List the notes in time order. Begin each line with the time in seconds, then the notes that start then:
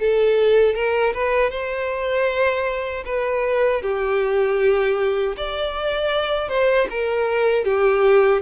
0.00 A4
0.75 A#4
1.14 B4
1.51 C5
3.06 B4
3.83 G4
5.37 D5
6.49 C5
6.90 A#4
7.65 G4